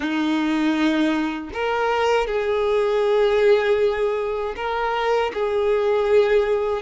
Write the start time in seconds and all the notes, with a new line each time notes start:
0.00 D#4
1.53 A#4
2.26 G#4
4.56 A#4
5.33 G#4